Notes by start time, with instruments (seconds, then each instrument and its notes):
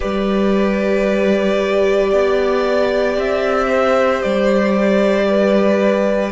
0.00 cello G3, viola G4, violin B4 D5
2.11 cello B3, violin D5
3.16 cello C4, violin E5
3.68 violin C5
4.21 cello G3, violin D5
5.28 violin B4